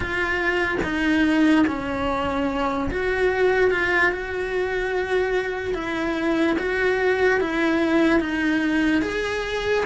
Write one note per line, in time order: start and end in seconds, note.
0.00 0.78 F4
0.83 1.65 D#4
1.66 2.90 C#4
2.90 3.70 F#4
3.70 4.11 F4
4.11 5.74 F#4
5.74 6.56 E4
6.58 7.40 F#4
7.40 8.20 E4
8.20 9.02 D#4
9.02 9.84 G#4